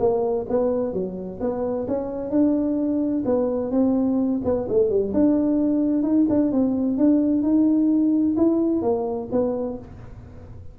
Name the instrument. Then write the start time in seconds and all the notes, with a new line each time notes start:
tuba
0.00 A#3
0.49 B3
0.94 F#3
1.41 B3
1.88 C#4
2.31 D4
3.26 B3
3.72 C4
4.45 B3
4.69 A3
4.90 G3
5.14 D4
6.03 D#4
6.30 D4
6.52 C4
6.98 D4
7.43 D#4
8.37 E4
8.83 A#3
9.32 B3